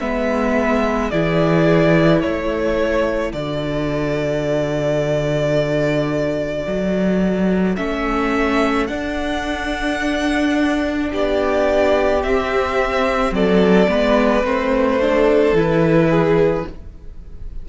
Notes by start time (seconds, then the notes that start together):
0.00 G#3 B3 B4 E5
1.10 E3 E4 G#4 D5
2.19 A3 A4 C#5
3.33 D3 F#4 D5
6.66 F#3
7.76 A3 C#4 E5
8.87 D4 F#5
11.12 B3 G4 D5
12.23 C4 E5
13.32 F#3 A4 D5
13.88 G#3 B3 B4
14.44 A3 C4 C5
15.01 D4 A4
15.53 E3 E4 B4
16.10 G#4